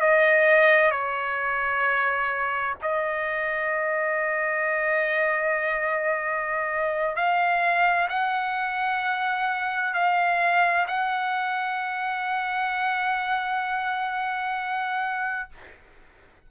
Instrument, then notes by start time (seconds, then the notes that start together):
trumpet
0.00 D#5
0.91 C#5
2.82 D#5
7.15 F5
8.09 F#5
9.94 F5
10.87 F#5